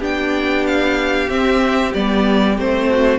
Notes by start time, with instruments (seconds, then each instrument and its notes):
0.00 cello B3, viola D4, violin G4 G5
0.66 violin F5
1.29 viola C4, cello C4, violin E5
1.94 cello G3, viola B3, violin D5
2.58 cello A3, viola C4, violin C5
2.90 violin F#4